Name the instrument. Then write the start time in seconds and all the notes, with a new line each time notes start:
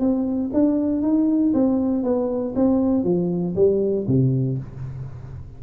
tuba
0.00 C4
0.54 D4
1.03 D#4
1.54 C4
2.04 B3
2.56 C4
3.04 F3
3.56 G3
4.08 C3